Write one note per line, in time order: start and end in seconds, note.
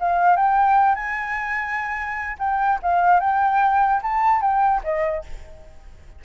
0.00 0.36 F5
0.36 0.95 G5
0.95 2.37 G#5
2.38 2.79 G5
2.82 3.20 F5
3.20 4.01 G5
4.02 4.41 A5
4.41 4.82 G5
4.83 5.24 D#5